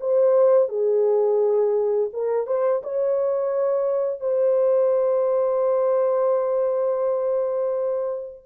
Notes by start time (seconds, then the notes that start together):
0.00 C5
0.68 G#4
2.12 A#4
2.46 C5
2.83 C#5
4.20 C5